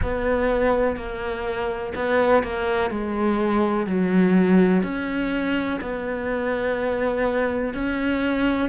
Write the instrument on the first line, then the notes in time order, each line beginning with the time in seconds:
cello
0.02 B3
0.96 A#3
1.94 B3
2.43 A#3
2.90 G#3
3.86 F#3
4.83 C#4
5.81 B3
7.74 C#4